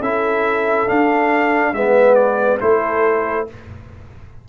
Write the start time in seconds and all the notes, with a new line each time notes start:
0.00 C#4 E4 A4 E5
0.87 D4 F5
1.72 G#3 B3 B4 E5
2.14 D5
2.60 A3 E4 A4 C5